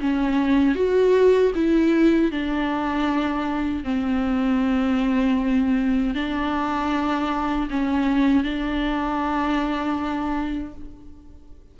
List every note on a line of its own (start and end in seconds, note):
0.00 0.75 C#4
0.75 1.52 F#4
1.55 2.31 E4
2.31 3.84 D4
3.84 6.14 C4
6.14 7.68 D4
7.70 8.43 C#4
8.43 10.74 D4